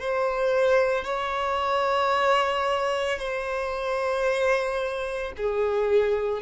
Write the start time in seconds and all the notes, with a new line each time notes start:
0.00 C5
1.05 C#5
3.19 C5
5.37 G#4